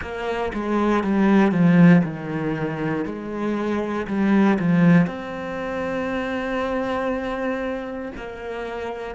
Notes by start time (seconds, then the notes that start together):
0.01 A#3
0.53 G#3
1.04 G3
1.51 F3
2.03 D#3
3.05 G#3
4.07 G3
4.59 F3
5.07 C4
8.16 A#3